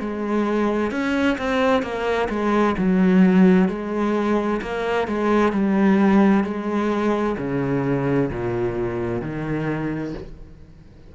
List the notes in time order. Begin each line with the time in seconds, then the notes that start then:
0.00 G#3
0.91 C#4
1.38 C4
1.82 A#3
2.29 G#3
2.78 F#3
3.68 G#3
4.62 A#3
5.08 G#3
5.53 G3
6.44 G#3
7.38 C#3
8.31 A#2
9.22 D#3